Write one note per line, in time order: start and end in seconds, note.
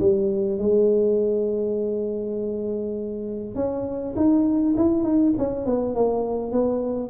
0.00 0.59 G3
0.59 3.55 G#3
3.55 4.14 C#4
4.16 4.76 D#4
4.77 5.03 E4
5.03 5.33 D#4
5.38 5.66 C#4
5.66 5.95 B3
5.95 6.52 A#3
6.52 7.10 B3